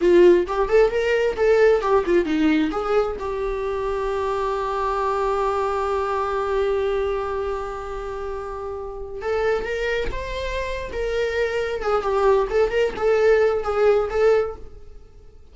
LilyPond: \new Staff \with { instrumentName = "viola" } { \time 4/4 \tempo 4 = 132 f'4 g'8 a'8 ais'4 a'4 | g'8 f'8 dis'4 gis'4 g'4~ | g'1~ | g'1~ |
g'1~ | g'16 a'4 ais'4 c''4.~ c''16 | ais'2 gis'8 g'4 a'8 | ais'8 a'4. gis'4 a'4 | }